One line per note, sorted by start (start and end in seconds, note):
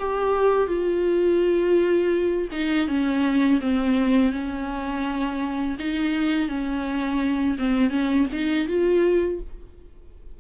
0.00 0.68 G4
0.68 2.49 F4
2.52 2.88 D#4
2.88 3.61 C#4
3.61 4.32 C4
4.32 5.77 C#4
5.79 6.49 D#4
6.49 7.57 C#4
7.58 7.91 C4
7.91 8.27 C#4
8.32 8.68 D#4
8.68 9.40 F4